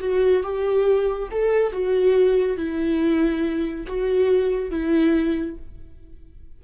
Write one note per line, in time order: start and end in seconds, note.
0.00 0.43 F#4
0.43 1.29 G4
1.31 1.72 A4
1.72 2.57 F#4
2.57 3.86 E4
3.87 4.71 F#4
4.71 5.57 E4